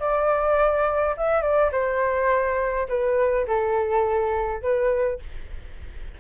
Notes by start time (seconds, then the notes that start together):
0.00 D5
1.17 E5
1.42 D5
1.72 C5
2.89 B4
3.47 A4
4.62 B4